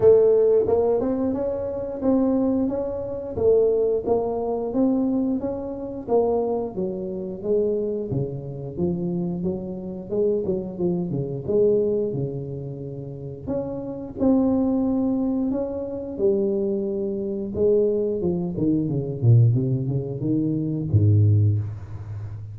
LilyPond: \new Staff \with { instrumentName = "tuba" } { \time 4/4 \tempo 4 = 89 a4 ais8 c'8 cis'4 c'4 | cis'4 a4 ais4 c'4 | cis'4 ais4 fis4 gis4 | cis4 f4 fis4 gis8 fis8 |
f8 cis8 gis4 cis2 | cis'4 c'2 cis'4 | g2 gis4 f8 dis8 | cis8 ais,8 c8 cis8 dis4 gis,4 | }